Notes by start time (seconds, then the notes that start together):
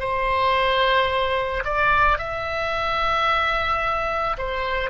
0.00 C5
1.65 D5
2.18 E5
4.37 C5